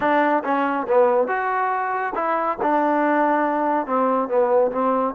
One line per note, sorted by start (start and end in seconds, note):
0.00 0.43 D4
0.44 0.86 C#4
0.88 1.27 B3
1.27 2.13 F#4
2.14 2.57 E4
2.62 3.86 D4
3.86 4.28 C4
4.28 4.71 B3
4.71 5.14 C4